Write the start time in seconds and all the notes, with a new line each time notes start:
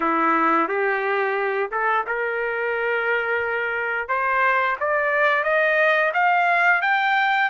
0.00 E4
0.68 G4
1.71 A4
2.06 A#4
4.08 C5
4.79 D5
5.43 D#5
6.13 F5
6.82 G5